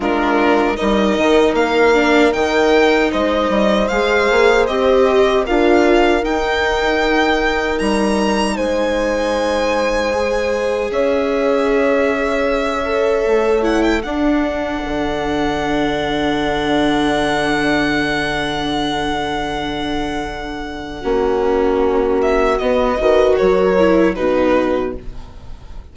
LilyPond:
<<
  \new Staff \with { instrumentName = "violin" } { \time 4/4 \tempo 4 = 77 ais'4 dis''4 f''4 g''4 | dis''4 f''4 dis''4 f''4 | g''2 ais''4 gis''4~ | gis''2 e''2~ |
e''4. fis''16 g''16 fis''2~ | fis''1~ | fis''1~ | fis''8 e''8 dis''4 cis''4 b'4 | }
  \new Staff \with { instrumentName = "horn" } { \time 4/4 f'4 ais'2. | c''2. ais'4~ | ais'2. c''4~ | c''2 cis''2~ |
cis''2 a'2~ | a'1~ | a'2. fis'4~ | fis'4. b'8 ais'4 fis'4 | }
  \new Staff \with { instrumentName = "viola" } { \time 4/4 d'4 dis'4. d'8 dis'4~ | dis'4 gis'4 g'4 f'4 | dis'1~ | dis'4 gis'2.~ |
gis'8 a'4 e'8 d'2~ | d'1~ | d'2. cis'4~ | cis'4 b8 fis'4 e'8 dis'4 | }
  \new Staff \with { instrumentName = "bassoon" } { \time 4/4 gis4 g8 dis8 ais4 dis4 | gis8 g8 gis8 ais8 c'4 d'4 | dis'2 g4 gis4~ | gis2 cis'2~ |
cis'4 a4 d'4 d4~ | d1~ | d2. ais4~ | ais4 b8 dis8 fis4 b,4 | }
>>